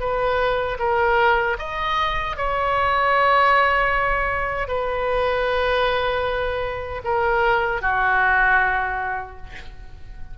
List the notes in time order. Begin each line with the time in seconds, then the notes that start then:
0.00 B4
0.79 A#4
1.59 D#5
2.37 C#5
4.68 B4
7.04 A#4
7.81 F#4